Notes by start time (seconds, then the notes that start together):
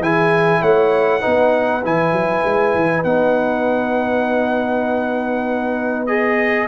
0.00 E3 E4 G#4 G#5
0.61 A3 C#5 F#5
1.20 B3 D#4 B4
1.84 E3 E4 G#5
2.12 F#3
2.44 G#3
2.75 E3
3.04 B3 D#4 F#5
6.07 G#4 D#5